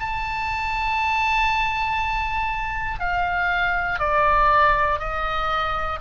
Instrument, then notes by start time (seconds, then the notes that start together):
oboe
0.00 A5
3.00 F5
3.99 D5
4.99 D#5